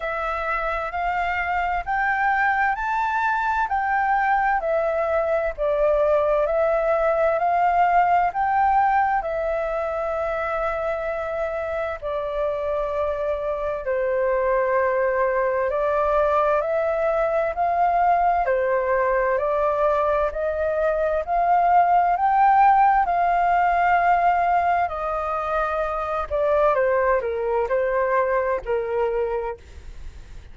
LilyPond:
\new Staff \with { instrumentName = "flute" } { \time 4/4 \tempo 4 = 65 e''4 f''4 g''4 a''4 | g''4 e''4 d''4 e''4 | f''4 g''4 e''2~ | e''4 d''2 c''4~ |
c''4 d''4 e''4 f''4 | c''4 d''4 dis''4 f''4 | g''4 f''2 dis''4~ | dis''8 d''8 c''8 ais'8 c''4 ais'4 | }